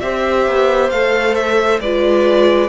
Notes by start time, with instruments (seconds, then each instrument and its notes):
0.00 cello C4, viola G4, violin C5 E5
0.46 cello B3
0.90 cello A3, viola A4, violin F5
1.34 violin E5
1.80 cello G#3, viola F4, violin B4 D5